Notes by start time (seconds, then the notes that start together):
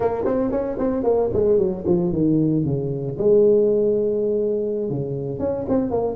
0.00 A#3
0.25 C4
0.51 C#4
0.78 C4
1.03 A#3
1.33 G#3
1.58 F#3
1.86 F3
2.12 D#3
2.64 C#3
3.18 G#3
4.89 C#3
5.39 C#4
5.68 C4
5.91 A#3